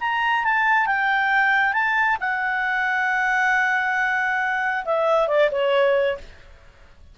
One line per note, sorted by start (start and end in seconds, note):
0.00 0.44 A#5
0.44 0.86 A5
0.86 1.73 G5
1.73 2.17 A5
2.20 4.84 F#5
4.85 5.27 E5
5.27 5.49 D5
5.51 6.17 C#5